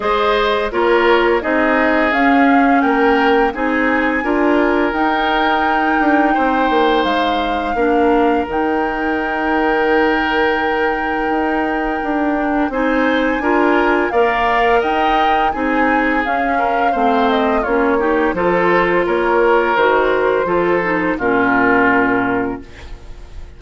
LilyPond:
<<
  \new Staff \with { instrumentName = "flute" } { \time 4/4 \tempo 4 = 85 dis''4 cis''4 dis''4 f''4 | g''4 gis''2 g''4~ | g''2 f''2 | g''1~ |
g''2 gis''2 | f''4 g''4 gis''4 f''4~ | f''8 dis''8 cis''4 c''4 cis''4 | c''2 ais'2 | }
  \new Staff \with { instrumentName = "oboe" } { \time 4/4 c''4 ais'4 gis'2 | ais'4 gis'4 ais'2~ | ais'4 c''2 ais'4~ | ais'1~ |
ais'2 c''4 ais'4 | d''4 dis''4 gis'4. ais'8 | c''4 f'8 g'8 a'4 ais'4~ | ais'4 a'4 f'2 | }
  \new Staff \with { instrumentName = "clarinet" } { \time 4/4 gis'4 f'4 dis'4 cis'4~ | cis'4 dis'4 f'4 dis'4~ | dis'2. d'4 | dis'1~ |
dis'4. d'8 dis'4 f'4 | ais'2 dis'4 cis'4 | c'4 cis'8 dis'8 f'2 | fis'4 f'8 dis'8 cis'2 | }
  \new Staff \with { instrumentName = "bassoon" } { \time 4/4 gis4 ais4 c'4 cis'4 | ais4 c'4 d'4 dis'4~ | dis'8 d'8 c'8 ais8 gis4 ais4 | dis1 |
dis'4 d'4 c'4 d'4 | ais4 dis'4 c'4 cis'4 | a4 ais4 f4 ais4 | dis4 f4 ais,2 | }
>>